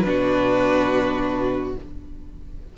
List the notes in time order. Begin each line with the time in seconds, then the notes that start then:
0.00 B2 D4 B4
0.08 F#4